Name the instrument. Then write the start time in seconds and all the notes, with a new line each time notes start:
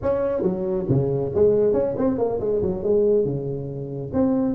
tuba
0.02 C#4
0.42 F#3
0.88 C#3
1.34 G#3
1.73 C#4
1.97 C4
2.17 A#3
2.40 G#3
2.62 F#3
2.83 G#3
3.24 C#3
4.13 C4